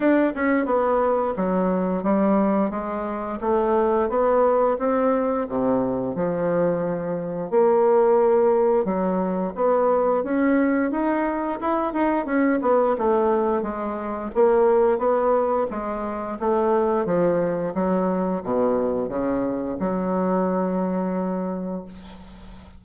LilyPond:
\new Staff \with { instrumentName = "bassoon" } { \time 4/4 \tempo 4 = 88 d'8 cis'8 b4 fis4 g4 | gis4 a4 b4 c'4 | c4 f2 ais4~ | ais4 fis4 b4 cis'4 |
dis'4 e'8 dis'8 cis'8 b8 a4 | gis4 ais4 b4 gis4 | a4 f4 fis4 b,4 | cis4 fis2. | }